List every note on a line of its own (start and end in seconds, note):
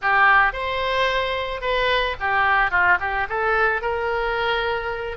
0.01 0.52 G4
0.52 1.61 C5
1.61 2.15 B4
2.20 2.70 G4
2.70 2.98 F4
3.00 3.27 G4
3.29 3.81 A4
3.81 5.17 A#4